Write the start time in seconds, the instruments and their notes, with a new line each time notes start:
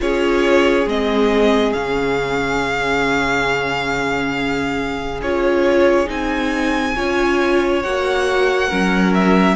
0.00 cello C#4, viola F4, violin G#4 C#5
0.86 cello G#3, viola C4, violin D#5
1.72 cello C#3, viola C#4, violin F5
5.21 cello C#4, viola F4, violin C#5
6.06 cello C4, viola D#4, violin G#5
6.96 cello C#4, viola F4, violin C#5
7.82 cello A#3, viola F#4, violin F#5
8.68 cello F#3, viola C#4, violin A#4
9.13 violin E5